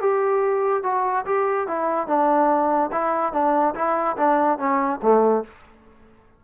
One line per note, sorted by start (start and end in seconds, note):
0.00 0.83 G4
0.83 1.25 F#4
1.26 1.67 G4
1.67 2.07 E4
2.07 2.90 D4
2.92 3.32 E4
3.32 3.74 D4
3.75 4.16 E4
4.17 4.58 D4
4.58 5.00 C#4
5.02 5.44 A3